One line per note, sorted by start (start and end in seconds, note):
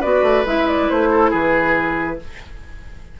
0.00 0.22 B3
0.00 0.45 F#4
0.00 1.09 B4
0.00 0.45 D5
0.22 0.44 A3
0.45 0.89 G#3
0.45 2.19 E4
0.45 0.68 E5
0.68 0.89 D5
0.89 1.33 A3
0.89 1.33 C5
1.11 1.31 A4
1.31 2.20 E3
1.31 2.18 G#4
1.31 2.20 B4